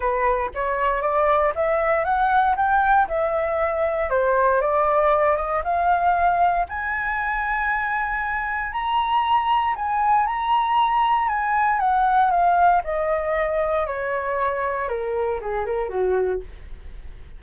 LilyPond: \new Staff \with { instrumentName = "flute" } { \time 4/4 \tempo 4 = 117 b'4 cis''4 d''4 e''4 | fis''4 g''4 e''2 | c''4 d''4. dis''8 f''4~ | f''4 gis''2.~ |
gis''4 ais''2 gis''4 | ais''2 gis''4 fis''4 | f''4 dis''2 cis''4~ | cis''4 ais'4 gis'8 ais'8 fis'4 | }